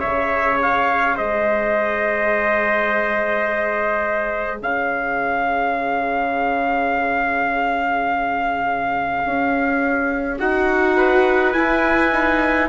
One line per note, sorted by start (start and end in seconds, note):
0.00 1.18 C#3
0.00 10.39 G#4
0.00 1.15 C#5
0.00 0.58 E5
0.62 1.18 F5
1.16 4.62 G#3
1.16 4.61 C5
1.16 4.62 D#5
4.61 9.23 C#3
4.61 10.96 C#5
4.61 10.39 F5
9.26 10.40 C#4
10.39 11.56 D#4
10.39 11.54 F#4
10.39 11.53 F#5
10.97 12.69 B4
11.53 12.12 E4
11.53 12.69 E4
11.53 12.68 G#5
12.12 12.69 D#4